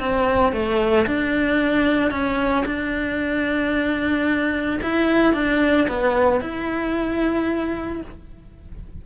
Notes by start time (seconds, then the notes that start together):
0.00 C4
0.53 A3
1.07 D4
2.11 C#4
2.66 D4
4.83 E4
5.34 D4
5.89 B3
6.41 E4